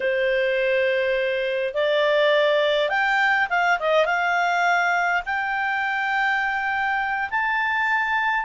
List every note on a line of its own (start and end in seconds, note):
0.00 1.74 C5
1.74 2.89 D5
2.89 3.47 G5
3.49 3.78 F5
3.79 4.05 D#5
4.05 5.22 F5
5.25 7.29 G5
7.30 8.45 A5